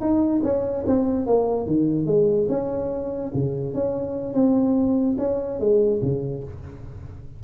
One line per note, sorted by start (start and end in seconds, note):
0.00 0.41 D#4
0.43 0.84 C#4
0.86 1.26 C4
1.26 1.66 A#3
1.66 2.06 D#3
2.06 2.47 G#3
2.48 3.31 C#4
3.34 3.74 C#3
3.74 4.33 C#4
4.33 5.16 C4
5.18 5.59 C#4
5.59 6.01 G#3
6.02 6.43 C#3